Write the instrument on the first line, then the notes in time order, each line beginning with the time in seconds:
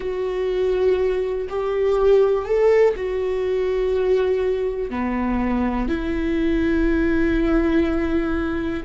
viola
0.00 F#4
1.49 G4
2.45 A4
2.96 F#4
4.90 B3
5.88 E4